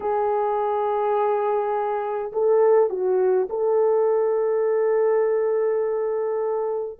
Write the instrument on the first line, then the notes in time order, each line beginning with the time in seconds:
horn
0.00 G#4
2.32 A4
2.89 F#4
3.49 A4